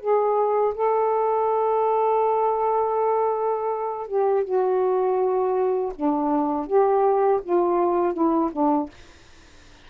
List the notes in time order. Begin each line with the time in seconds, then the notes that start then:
0.00 G#4
0.74 A4
4.08 G4
4.45 F#4
5.96 D4
6.67 G4
7.44 F4
8.14 E4
8.53 D4